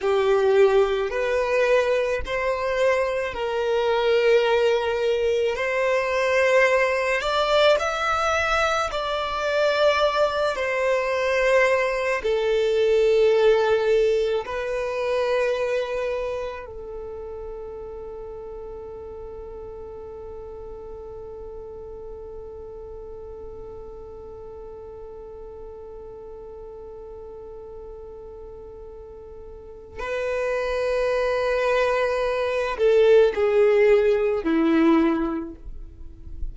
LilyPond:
\new Staff \with { instrumentName = "violin" } { \time 4/4 \tempo 4 = 54 g'4 b'4 c''4 ais'4~ | ais'4 c''4. d''8 e''4 | d''4. c''4. a'4~ | a'4 b'2 a'4~ |
a'1~ | a'1~ | a'2. b'4~ | b'4. a'8 gis'4 e'4 | }